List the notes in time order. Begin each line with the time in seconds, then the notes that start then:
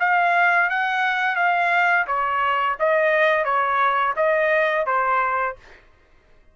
0.00 F5
0.70 F#5
1.36 F5
2.07 C#5
2.80 D#5
3.45 C#5
4.17 D#5
4.86 C5